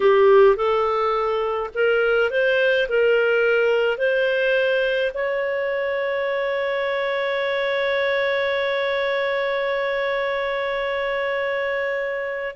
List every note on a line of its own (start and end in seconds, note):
0.00 0.56 G4
0.56 1.70 A4
1.74 2.30 A#4
2.30 2.87 C5
2.88 3.97 A#4
3.97 5.11 C5
5.14 12.56 C#5